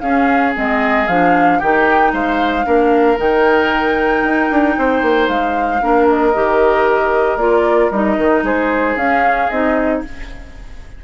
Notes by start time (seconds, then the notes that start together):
0.00 C#4 G#4 F5
0.54 G#3 C4 D#5
1.07 F3 D4 F5
1.59 D#3 D#4 G4 G5
2.12 G#3 C5 F5
2.64 A#3 D4 A#4
3.17 D#3 D#4 G5
4.23 D#4
4.50 D4
4.77 C4 C5
5.02 A#3
5.28 G#3 F5
5.81 A#3 D4 A#4
6.08 D#5
6.34 D#3 G4
7.36 A#3 F4 D5
7.91 G3 D#4 D#5
8.17 D#3
8.43 G#3 G#4 C5
8.95 C#4 F5
9.50 C4 D#4 D#5